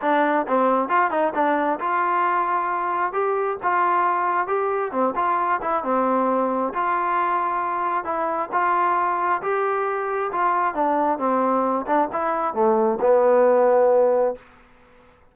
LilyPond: \new Staff \with { instrumentName = "trombone" } { \time 4/4 \tempo 4 = 134 d'4 c'4 f'8 dis'8 d'4 | f'2. g'4 | f'2 g'4 c'8 f'8~ | f'8 e'8 c'2 f'4~ |
f'2 e'4 f'4~ | f'4 g'2 f'4 | d'4 c'4. d'8 e'4 | a4 b2. | }